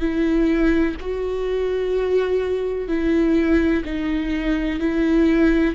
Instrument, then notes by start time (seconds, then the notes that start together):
viola
0.00 E4
1.00 F#4
2.88 E4
3.85 D#4
4.80 E4